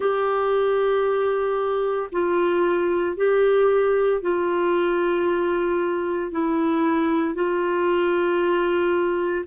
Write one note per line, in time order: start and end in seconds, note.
0.00 2.10 G4
2.11 3.16 F4
3.16 4.21 G4
4.21 6.31 F4
6.31 7.34 E4
7.34 9.44 F4